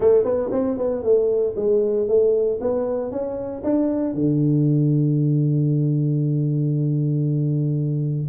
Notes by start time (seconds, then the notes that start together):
0.00 A3
0.24 B3
0.51 C4
0.77 B3
1.03 A3
1.56 G#3
2.08 A3
2.61 B3
3.11 C#4
3.63 D4
4.14 D3